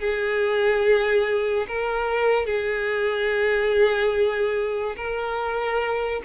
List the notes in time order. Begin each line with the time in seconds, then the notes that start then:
0.00 G#4
1.68 A#4
2.46 G#4
4.97 A#4